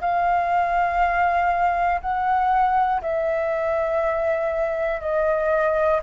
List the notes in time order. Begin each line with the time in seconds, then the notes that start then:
0.00 F5
2.00 F#5
3.01 E5
5.00 D#5